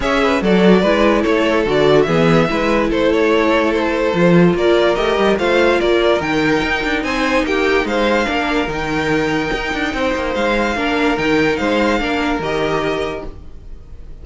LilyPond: <<
  \new Staff \with { instrumentName = "violin" } { \time 4/4 \tempo 4 = 145 e''4 d''2 cis''4 | d''4 e''2 c''8 cis''8~ | cis''4 c''2 d''4 | dis''4 f''4 d''4 g''4~ |
g''4 gis''4 g''4 f''4~ | f''4 g''2.~ | g''4 f''2 g''4 | f''2 dis''2 | }
  \new Staff \with { instrumentName = "violin" } { \time 4/4 cis''8 b'8 a'4 b'4 a'4~ | a'4 gis'4 b'4 a'4~ | a'2. ais'4~ | ais'4 c''4 ais'2~ |
ais'4 c''4 g'4 c''4 | ais'1 | c''2 ais'2 | c''4 ais'2. | }
  \new Staff \with { instrumentName = "viola" } { \time 4/4 gis'4 fis'4 e'2 | fis'4 b4 e'2~ | e'2 f'2 | g'4 f'2 dis'4~ |
dis'1 | d'4 dis'2.~ | dis'2 d'4 dis'4~ | dis'4 d'4 g'2 | }
  \new Staff \with { instrumentName = "cello" } { \time 4/4 cis'4 fis4 gis4 a4 | d4 e4 gis4 a4~ | a2 f4 ais4 | a8 g8 a4 ais4 dis4 |
dis'8 d'8 c'4 ais4 gis4 | ais4 dis2 dis'8 d'8 | c'8 ais8 gis4 ais4 dis4 | gis4 ais4 dis2 | }
>>